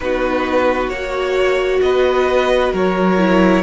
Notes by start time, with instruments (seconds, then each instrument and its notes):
0.00 cello B3, viola D#4, violin F#4 B4
0.89 cello A#3, viola F#4, violin C#5
1.81 cello B3, violin B4 D#5
2.73 cello F#3, violin A#4 C#5
3.17 viola E4